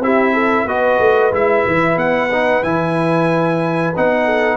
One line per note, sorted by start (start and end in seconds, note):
0.00 0.65 C4
0.00 0.68 E4
0.00 0.34 G4
0.00 0.68 E5
0.34 0.65 A4
0.65 0.99 B3
0.65 1.33 F#4
0.65 4.24 B4
0.65 1.33 D#5
0.99 1.32 A3
1.32 1.65 G#3
1.32 2.30 E4
1.32 1.99 E5
1.66 1.97 E3
1.97 2.62 B3
1.97 2.64 F#5
2.33 2.64 D#4
2.64 3.94 E3
2.64 3.94 E4
2.64 3.94 G#5
3.96 4.57 B3
3.96 4.57 D#4
3.96 4.57 F#5
4.25 4.57 A4